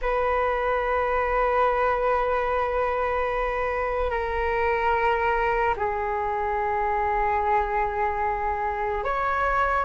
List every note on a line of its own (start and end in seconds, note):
0.01 4.10 B4
4.10 5.75 A#4
5.76 9.03 G#4
9.03 9.84 C#5